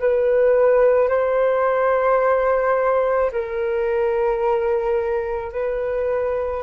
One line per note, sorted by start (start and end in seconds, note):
0.00 1.09 B4
1.09 3.31 C5
3.32 5.53 A#4
5.53 6.64 B4